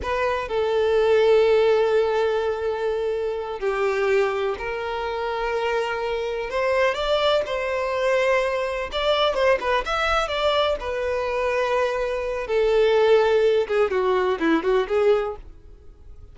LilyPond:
\new Staff \with { instrumentName = "violin" } { \time 4/4 \tempo 4 = 125 b'4 a'2.~ | a'2.~ a'8 g'8~ | g'4. ais'2~ ais'8~ | ais'4. c''4 d''4 c''8~ |
c''2~ c''8 d''4 c''8 | b'8 e''4 d''4 b'4.~ | b'2 a'2~ | a'8 gis'8 fis'4 e'8 fis'8 gis'4 | }